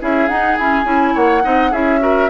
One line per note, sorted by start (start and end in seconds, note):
0.00 0.28 C#4
0.00 0.29 E4
0.00 1.14 G#4
0.00 0.28 E5
0.28 0.57 D#4
0.28 0.59 D#4
0.28 0.57 F#5
0.58 0.84 C#4
0.58 0.85 E4
0.58 1.15 G#5
0.84 1.13 C#4
0.84 1.42 E4
1.14 1.44 A#3
1.14 1.42 C#5
1.14 1.73 F#5
1.42 1.72 C4
1.42 1.71 D#4
1.42 1.71 D#5
1.71 2.29 C#4
1.71 1.99 E4
1.71 1.99 G#4
1.71 2.29 E5
1.99 2.28 F#4
1.99 2.29 A#4